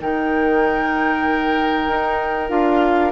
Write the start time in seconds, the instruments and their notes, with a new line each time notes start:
0.00 bassoon D#3, clarinet D#4, oboe A#4, flute G5
1.88 bassoon D#4
2.49 bassoon D4, clarinet F4, flute F5